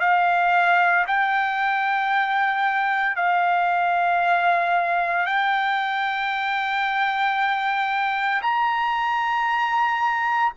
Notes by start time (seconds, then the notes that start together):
0.00 F5
1.07 G5
3.16 F5
5.26 G5
8.42 A#5